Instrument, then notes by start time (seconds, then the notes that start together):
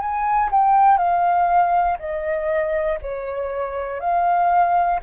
flute
0.00 G#5
0.51 G5
0.98 F5
1.99 D#5
3.02 C#5
4.00 F5